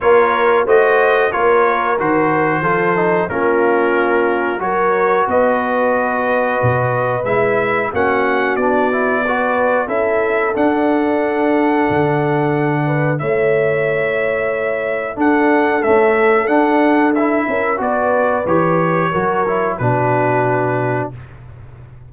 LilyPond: <<
  \new Staff \with { instrumentName = "trumpet" } { \time 4/4 \tempo 4 = 91 cis''4 dis''4 cis''4 c''4~ | c''4 ais'2 cis''4 | dis''2. e''4 | fis''4 d''2 e''4 |
fis''1 | e''2. fis''4 | e''4 fis''4 e''4 d''4 | cis''2 b'2 | }
  \new Staff \with { instrumentName = "horn" } { \time 4/4 ais'4 c''4 ais'2 | a'4 f'2 ais'4 | b'1 | fis'2 b'4 a'4~ |
a'2.~ a'8 b'8 | cis''2. a'4~ | a'2~ a'8 ais'8 b'4~ | b'4 ais'4 fis'2 | }
  \new Staff \with { instrumentName = "trombone" } { \time 4/4 f'4 fis'4 f'4 fis'4 | f'8 dis'8 cis'2 fis'4~ | fis'2. e'4 | cis'4 d'8 e'8 fis'4 e'4 |
d'1 | e'2. d'4 | a4 d'4 e'4 fis'4 | g'4 fis'8 e'8 d'2 | }
  \new Staff \with { instrumentName = "tuba" } { \time 4/4 ais4 a4 ais4 dis4 | f4 ais2 fis4 | b2 b,4 gis4 | ais4 b2 cis'4 |
d'2 d2 | a2. d'4 | cis'4 d'4. cis'8 b4 | e4 fis4 b,2 | }
>>